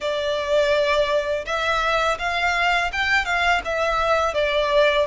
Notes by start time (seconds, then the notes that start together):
0.00 D5
1.45 E5
2.19 F5
2.92 G5
3.25 F5
3.64 E5
4.34 D5